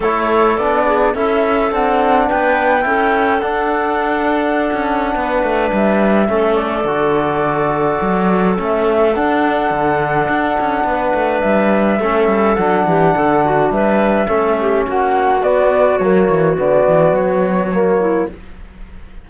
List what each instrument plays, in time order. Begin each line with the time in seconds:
0.00 cello A3, trombone E4, clarinet A4, flute C#5
0.57 cello B3, trombone D4, flute D5
0.85 clarinet G#4
1.14 cello C#4, trombone E4, clarinet A4, flute E5
1.71 cello C4, trombone D4, flute F#5
2.27 cello B3, clarinet B4, flute G5
2.81 cello C#4, trombone E4, clarinet A4
3.40 cello D4, trombone D4, flute F#5
4.72 cello C#4
5.14 cello B3, clarinet B4
5.42 cello A3
5.72 cello G3, flute E5
6.27 cello A3, trombone C#4, clarinet A4
6.55 flute D5
6.84 cello D3, trombone F#4
8.01 cello F#3
8.56 cello A3, trombone C#4, flute E5
9.14 trombone D4, cello D4, flute F#5
9.70 cello D3
10.29 cello D4
10.59 cello C#4
10.84 cello B3, clarinet B4
11.14 cello A3
11.41 cello G3, flute E5
11.99 cello A3, trombone C#4, clarinet A4
12.27 cello G3
12.55 cello F#3, trombone D4, flute F#5
12.86 cello E3, clarinet G4
13.15 cello D3, clarinet A4
13.44 clarinet F#4
13.70 cello G3, clarinet B4, flute E5
14.26 cello A3, trombone C#4, clarinet A4
14.60 clarinet G4
14.87 cello A#3, clarinet F#4, flute F#5
15.42 cello B3, trombone B3, flute D5
15.98 cello F#3, trombone A#3, flute C#5
16.29 cello E3
16.56 cello D3, trombone B3, flute D5
16.87 cello E3
17.11 cello F#3, flute C#5
17.72 trombone A#3
18.00 clarinet E4